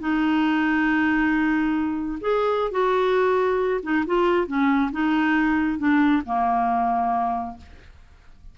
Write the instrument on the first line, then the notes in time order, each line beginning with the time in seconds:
clarinet
0.00 D#4
2.21 G#4
2.71 F#4
3.83 D#4
4.06 F4
4.47 C#4
4.92 D#4
5.78 D4
6.26 A#3